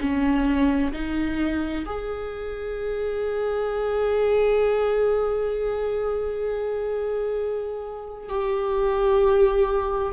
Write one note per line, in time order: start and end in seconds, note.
0.00 0.92 C#4
0.93 1.85 D#4
1.85 8.29 G#4
8.29 10.13 G4